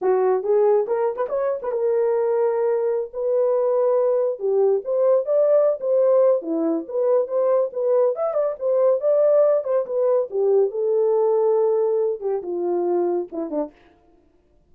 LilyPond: \new Staff \with { instrumentName = "horn" } { \time 4/4 \tempo 4 = 140 fis'4 gis'4 ais'8. b'16 cis''8. b'16 | ais'2.~ ais'16 b'8.~ | b'2~ b'16 g'4 c''8.~ | c''16 d''4~ d''16 c''4. e'4 |
b'4 c''4 b'4 e''8 d''8 | c''4 d''4. c''8 b'4 | g'4 a'2.~ | a'8 g'8 f'2 e'8 d'8 | }